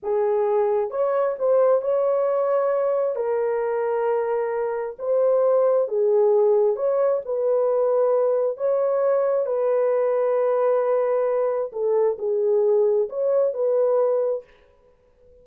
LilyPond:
\new Staff \with { instrumentName = "horn" } { \time 4/4 \tempo 4 = 133 gis'2 cis''4 c''4 | cis''2. ais'4~ | ais'2. c''4~ | c''4 gis'2 cis''4 |
b'2. cis''4~ | cis''4 b'2.~ | b'2 a'4 gis'4~ | gis'4 cis''4 b'2 | }